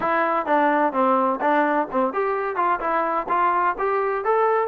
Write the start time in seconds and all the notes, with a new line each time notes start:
0.00 E4
0.45 D4
0.92 C4
1.40 D4
1.91 C4
2.13 G4
2.56 F4
2.80 E4
3.29 F4
3.78 G4
4.24 A4